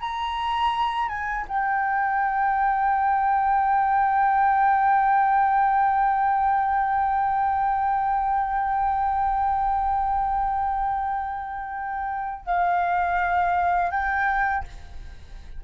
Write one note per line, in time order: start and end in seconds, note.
0.00 1.08 A#5
1.08 1.45 G#5
1.47 12.45 G5
12.45 13.90 F5
13.90 14.63 G5